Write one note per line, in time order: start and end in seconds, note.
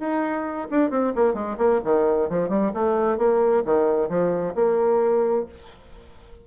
0.00 0.68 D#4
0.71 0.90 D4
0.90 1.13 C4
1.16 1.34 A#3
1.34 1.57 G#3
1.58 1.81 A#3
1.85 2.30 D#3
2.30 2.49 F3
2.49 2.72 G3
2.74 3.18 A3
3.18 3.64 A#3
3.65 4.09 D#3
4.09 4.55 F3
4.55 5.46 A#3